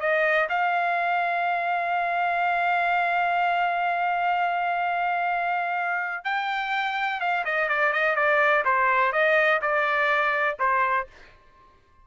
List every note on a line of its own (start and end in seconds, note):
0.00 0.48 D#5
0.49 6.25 F5
6.25 7.20 G5
7.20 7.44 F5
7.45 7.69 D#5
7.69 7.93 D5
7.93 8.16 D#5
8.16 8.64 D5
8.65 9.12 C5
9.12 9.60 D#5
9.62 10.58 D5
10.59 11.07 C5